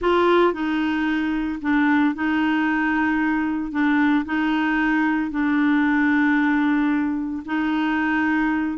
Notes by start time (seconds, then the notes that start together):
0.01 F4
0.53 D#4
1.61 D4
2.14 D#4
3.71 D4
4.25 D#4
5.30 D4
7.45 D#4